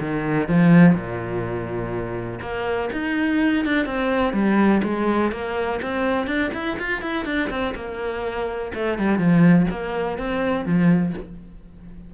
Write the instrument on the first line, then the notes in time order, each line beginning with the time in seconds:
cello
0.00 D#3
0.49 F3
0.95 A#2
2.41 A#3
2.93 D#4
3.65 D4
3.86 C4
4.33 G3
4.83 G#3
5.32 A#3
5.82 C4
6.27 D4
6.54 E4
6.79 F4
7.02 E4
7.26 D4
7.50 C4
7.75 A#3
8.75 A3
8.98 G3
9.18 F3
9.70 A#3
10.18 C4
10.65 F3